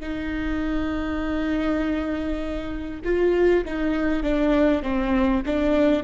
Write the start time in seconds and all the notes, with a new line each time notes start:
0.00 D#4
3.04 F4
3.65 D#4
4.23 D4
4.82 C4
5.45 D4